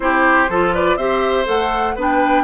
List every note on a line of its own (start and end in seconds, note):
0.00 0.48 C4
0.00 0.47 E4
0.00 0.50 G4
0.00 0.71 C5
0.49 0.96 F3
0.49 0.98 F4
0.49 0.74 A4
0.73 0.97 B4
0.73 0.96 D5
0.96 1.45 C4
0.96 1.44 G4
0.96 1.95 C5
0.96 1.45 E5
1.44 1.95 A3
1.44 1.93 A4
1.44 1.97 F#5
1.95 2.43 B3
1.95 2.43 D4
1.95 2.43 B4
2.02 2.43 G5